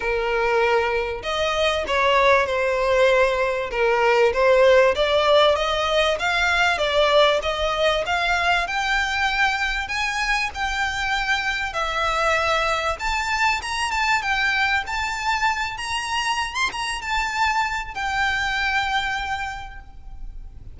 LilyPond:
\new Staff \with { instrumentName = "violin" } { \time 4/4 \tempo 4 = 97 ais'2 dis''4 cis''4 | c''2 ais'4 c''4 | d''4 dis''4 f''4 d''4 | dis''4 f''4 g''2 |
gis''4 g''2 e''4~ | e''4 a''4 ais''8 a''8 g''4 | a''4. ais''4~ ais''16 c'''16 ais''8 a''8~ | a''4 g''2. | }